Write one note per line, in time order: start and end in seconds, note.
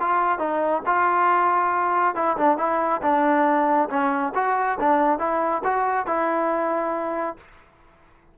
0.00 0.39 F4
0.39 0.82 D#4
0.86 2.15 F4
2.15 2.37 E4
2.37 2.58 D4
2.58 3.01 E4
3.02 3.89 D4
3.90 4.33 C#4
4.35 4.78 F#4
4.79 5.19 D4
5.19 5.62 E4
5.64 6.06 F#4
6.06 7.37 E4